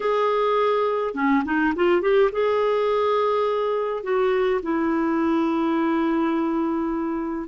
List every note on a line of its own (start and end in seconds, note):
0.00 1.14 G#4
1.14 1.43 C#4
1.44 1.73 D#4
1.75 2.01 F4
2.01 2.30 G4
2.32 4.03 G#4
4.03 4.60 F#4
4.62 7.48 E4